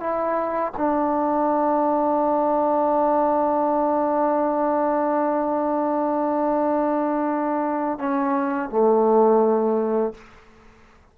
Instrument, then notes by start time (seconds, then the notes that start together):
trombone
0.00 E4
0.77 D4
7.99 C#4
8.69 A3